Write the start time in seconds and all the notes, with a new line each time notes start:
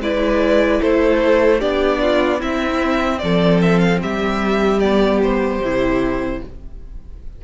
0.00 G#3 E4 B4 D5
0.81 A3 A4 C5
1.59 B3 D4 G4 D5
2.02 F4
2.40 C4 E4 E5
3.19 F3 A4 D5
3.62 E5
3.79 F5
4.02 G3 G4 E5
4.80 B3 D5
5.23 C5
5.61 C3 E4